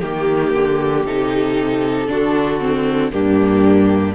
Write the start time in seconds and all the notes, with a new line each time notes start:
0.00 D#3 A#3 G4
0.55 D3
1.06 C3 D#4 A4
2.08 D3 D4 F#4
2.60 C4
3.11 G2 A#3 D4 G4